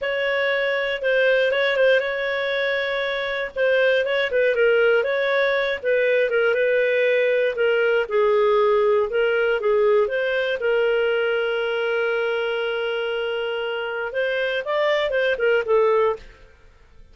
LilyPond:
\new Staff \with { instrumentName = "clarinet" } { \time 4/4 \tempo 4 = 119 cis''2 c''4 cis''8 c''8 | cis''2. c''4 | cis''8 b'8 ais'4 cis''4. b'8~ | b'8 ais'8 b'2 ais'4 |
gis'2 ais'4 gis'4 | c''4 ais'2.~ | ais'1 | c''4 d''4 c''8 ais'8 a'4 | }